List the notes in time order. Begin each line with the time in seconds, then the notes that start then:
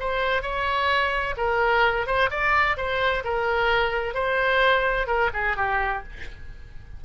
0.00 C5
0.42 C#5
1.37 A#4
2.07 C5
2.30 D5
2.77 C5
3.25 A#4
4.14 C5
5.07 A#4
5.34 G#4
5.56 G4